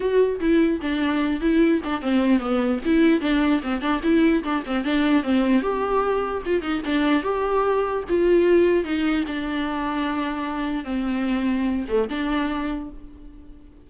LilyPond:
\new Staff \with { instrumentName = "viola" } { \time 4/4 \tempo 4 = 149 fis'4 e'4 d'4. e'8~ | e'8 d'8 c'4 b4 e'4 | d'4 c'8 d'8 e'4 d'8 c'8 | d'4 c'4 g'2 |
f'8 dis'8 d'4 g'2 | f'2 dis'4 d'4~ | d'2. c'4~ | c'4. a8 d'2 | }